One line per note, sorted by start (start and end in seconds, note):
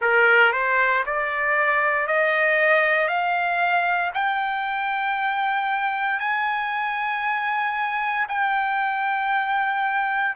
0.00 0.52 A#4
0.52 1.03 C5
1.06 2.07 D5
2.07 3.08 D#5
3.08 4.11 F5
4.14 6.19 G5
6.19 8.26 G#5
8.28 10.34 G5